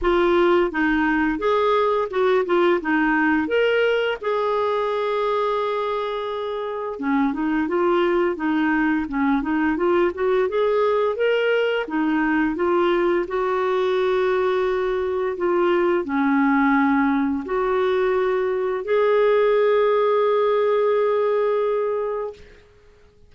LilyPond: \new Staff \with { instrumentName = "clarinet" } { \time 4/4 \tempo 4 = 86 f'4 dis'4 gis'4 fis'8 f'8 | dis'4 ais'4 gis'2~ | gis'2 cis'8 dis'8 f'4 | dis'4 cis'8 dis'8 f'8 fis'8 gis'4 |
ais'4 dis'4 f'4 fis'4~ | fis'2 f'4 cis'4~ | cis'4 fis'2 gis'4~ | gis'1 | }